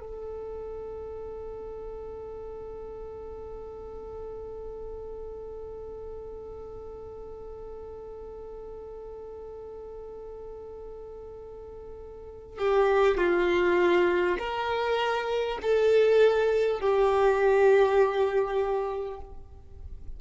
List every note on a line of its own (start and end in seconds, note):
0.00 12.58 A4
12.58 13.17 G4
13.17 14.37 F4
14.39 15.59 A#4
15.62 16.80 A4
16.80 19.20 G4